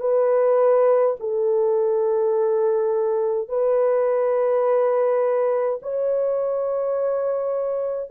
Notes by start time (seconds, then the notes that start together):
0.00 B4
1.20 A4
3.48 B4
5.82 C#5